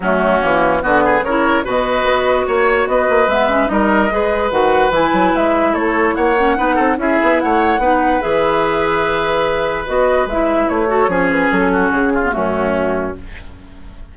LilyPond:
<<
  \new Staff \with { instrumentName = "flute" } { \time 4/4 \tempo 4 = 146 fis'2 b'4 cis''4 | dis''2 cis''4 dis''4 | e''4 dis''2 fis''4 | gis''4 e''4 cis''4 fis''4~ |
fis''4 e''4 fis''2 | e''1 | dis''4 e''4 cis''4. b'8 | a'4 gis'4 fis'2 | }
  \new Staff \with { instrumentName = "oboe" } { \time 4/4 cis'2 fis'8 gis'8 ais'4 | b'2 cis''4 b'4~ | b'4 ais'4 b'2~ | b'2 a'4 cis''4 |
b'8 a'8 gis'4 cis''4 b'4~ | b'1~ | b'2~ b'8 a'8 gis'4~ | gis'8 fis'4 f'8 cis'2 | }
  \new Staff \with { instrumentName = "clarinet" } { \time 4/4 a4 ais4 b4 e'4 | fis'1 | b8 cis'8 dis'4 gis'4 fis'4 | e'2.~ e'8 cis'8 |
dis'4 e'2 dis'4 | gis'1 | fis'4 e'4. fis'8 cis'4~ | cis'4.~ cis'16 b16 a2 | }
  \new Staff \with { instrumentName = "bassoon" } { \time 4/4 fis4 e4 d4 cis4 | b,4 b4 ais4 b8 ais8 | gis4 g4 gis4 dis4 | e8 fis8 gis4 a4 ais4 |
b8 c'8 cis'8 b8 a4 b4 | e1 | b4 gis4 a4 f4 | fis4 cis4 fis,2 | }
>>